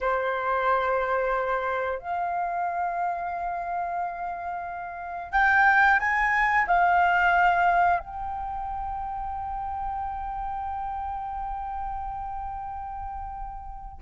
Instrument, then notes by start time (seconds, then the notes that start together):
flute
0.00 C5
1.99 F5
5.32 G5
5.99 G#5
6.67 F5
7.99 G5